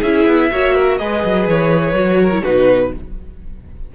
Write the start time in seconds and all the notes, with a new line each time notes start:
0.00 C#4 E4 G#4 E5
0.27 B3
0.52 A#3 F#4 C#5
0.75 A#4
0.98 G#3 G#4 B4 D#5
1.25 F#3
1.48 E3 C#5
1.94 F#3 F#4
2.23 A#4
2.31 E4
2.43 B2 D#4 F#4 B4